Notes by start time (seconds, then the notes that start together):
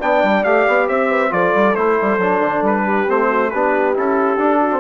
0.00 B3 D4 D5 G5
0.23 G3
0.44 A3 G4 F5
0.68 B3
0.88 C4 C5 E5
1.10 B4
1.30 F3 F4 A4 D5
1.55 G3
1.75 A3 E4 C5
2.01 G3
2.18 F#3 D4
2.40 D3
2.62 G3 B4
2.84 G4
3.07 A3 C4 C5
3.29 F#4
3.51 B3 D4 G4 B4
3.95 C#4 E4 A4
4.37 D4
4.60 F#4
4.72 C4